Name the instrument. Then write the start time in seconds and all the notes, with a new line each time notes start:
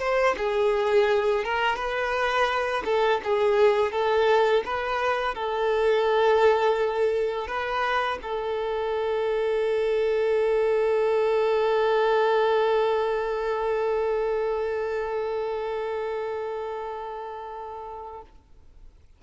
violin
0.00 C5
0.38 G#4
1.44 A#4
1.76 B4
2.85 A4
3.24 G#4
3.92 A4
4.65 B4
5.35 A4
7.48 B4
8.22 A4